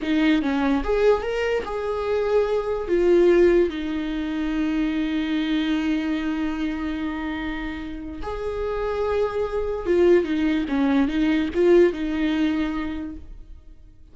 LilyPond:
\new Staff \with { instrumentName = "viola" } { \time 4/4 \tempo 4 = 146 dis'4 cis'4 gis'4 ais'4 | gis'2. f'4~ | f'4 dis'2.~ | dis'1~ |
dis'1 | gis'1 | f'4 dis'4 cis'4 dis'4 | f'4 dis'2. | }